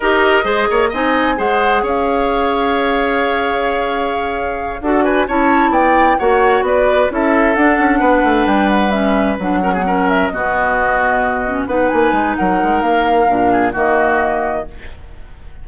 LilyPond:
<<
  \new Staff \with { instrumentName = "flute" } { \time 4/4 \tempo 4 = 131 dis''2 gis''4 fis''4 | f''1~ | f''2~ f''8 fis''8 gis''8 a''8~ | a''8 g''4 fis''4 d''4 e''8~ |
e''8 fis''2 g''8 fis''8 e''8~ | e''8 fis''4. e''8 dis''4.~ | dis''4. fis''8 gis''4 fis''4 | f''2 dis''2 | }
  \new Staff \with { instrumentName = "oboe" } { \time 4/4 ais'4 c''8 cis''8 dis''4 c''4 | cis''1~ | cis''2~ cis''8 a'8 b'8 cis''8~ | cis''8 d''4 cis''4 b'4 a'8~ |
a'4. b'2~ b'8~ | b'4 ais'16 gis'16 ais'4 fis'4.~ | fis'4. b'4. ais'4~ | ais'4. gis'8 fis'2 | }
  \new Staff \with { instrumentName = "clarinet" } { \time 4/4 g'4 gis'4 dis'4 gis'4~ | gis'1~ | gis'2~ gis'8 fis'4 e'8~ | e'4. fis'2 e'8~ |
e'8 d'2. cis'8~ | cis'8 d'8 cis'16 b16 cis'4 b4.~ | b4 cis'8 dis'2~ dis'8~ | dis'4 d'4 ais2 | }
  \new Staff \with { instrumentName = "bassoon" } { \time 4/4 dis'4 gis8 ais8 c'4 gis4 | cis'1~ | cis'2~ cis'8 d'4 cis'8~ | cis'8 b4 ais4 b4 cis'8~ |
cis'8 d'8 cis'8 b8 a8 g4.~ | g8 fis2 b,4.~ | b,4. b8 ais8 gis8 fis8 gis8 | ais4 ais,4 dis2 | }
>>